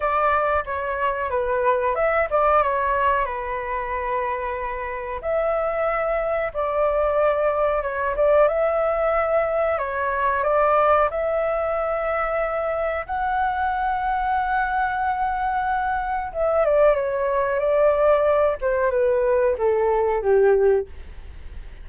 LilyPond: \new Staff \with { instrumentName = "flute" } { \time 4/4 \tempo 4 = 92 d''4 cis''4 b'4 e''8 d''8 | cis''4 b'2. | e''2 d''2 | cis''8 d''8 e''2 cis''4 |
d''4 e''2. | fis''1~ | fis''4 e''8 d''8 cis''4 d''4~ | d''8 c''8 b'4 a'4 g'4 | }